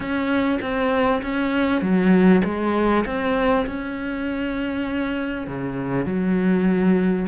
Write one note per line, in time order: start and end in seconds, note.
0.00 0.59 C#4
0.61 1.22 C4
1.22 1.81 C#4
1.81 2.42 F#3
2.44 3.05 G#3
3.05 3.66 C4
3.66 5.47 C#4
5.47 6.05 C#3
6.05 7.26 F#3